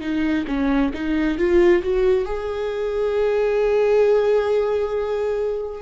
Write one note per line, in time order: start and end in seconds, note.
0.00 0.45 D#4
0.47 0.92 C#4
0.93 1.38 D#4
1.38 1.82 F4
1.82 2.25 F#4
2.25 5.82 G#4